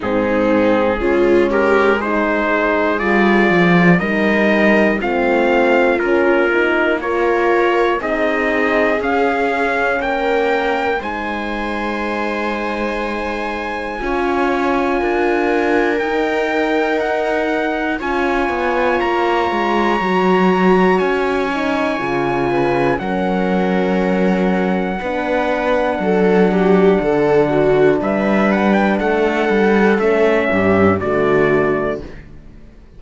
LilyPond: <<
  \new Staff \with { instrumentName = "trumpet" } { \time 4/4 \tempo 4 = 60 gis'4. ais'8 c''4 d''4 | dis''4 f''4 ais'4 cis''4 | dis''4 f''4 g''4 gis''4~ | gis''1 |
g''4 fis''4 gis''4 ais''4~ | ais''4 gis''2 fis''4~ | fis''1 | e''8 fis''16 g''16 fis''4 e''4 d''4 | }
  \new Staff \with { instrumentName = "viola" } { \time 4/4 dis'4 f'8 g'8 gis'2 | ais'4 f'2 ais'4 | gis'2 ais'4 c''4~ | c''2 cis''4 ais'4~ |
ais'2 cis''2~ | cis''2~ cis''8 b'8 ais'4~ | ais'4 b'4 a'8 g'8 a'8 fis'8 | b'4 a'4. g'8 fis'4 | }
  \new Staff \with { instrumentName = "horn" } { \time 4/4 c'4 cis'4 dis'4 f'4 | dis'4 c'4 cis'8 dis'8 f'4 | dis'4 cis'2 dis'4~ | dis'2 f'2 |
dis'2 f'2 | fis'4. dis'8 f'4 cis'4~ | cis'4 d'2.~ | d'2 cis'4 a4 | }
  \new Staff \with { instrumentName = "cello" } { \time 4/4 gis,4 gis2 g8 f8 | g4 a4 ais2 | c'4 cis'4 ais4 gis4~ | gis2 cis'4 d'4 |
dis'2 cis'8 b8 ais8 gis8 | fis4 cis'4 cis4 fis4~ | fis4 b4 fis4 d4 | g4 a8 g8 a8 g,8 d4 | }
>>